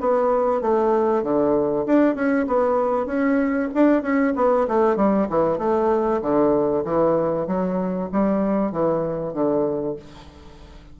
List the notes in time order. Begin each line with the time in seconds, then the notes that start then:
0.00 B3
0.61 A3
1.23 D3
1.86 D4
2.15 C#4
2.47 B3
3.06 C#4
3.74 D4
4.02 C#4
4.36 B3
4.68 A3
4.96 G3
5.29 E3
5.58 A3
6.22 D3
6.85 E3
7.47 F#3
8.12 G3
8.72 E3
9.33 D3